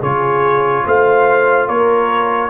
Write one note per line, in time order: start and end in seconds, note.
0.00 0.85 C#3
0.00 2.50 F4
0.00 0.83 G#4
0.00 0.86 C#5
0.86 1.68 A3
0.86 1.68 C5
0.86 1.68 F5
1.68 2.50 A#3
1.68 2.50 A#4
1.68 2.50 C#5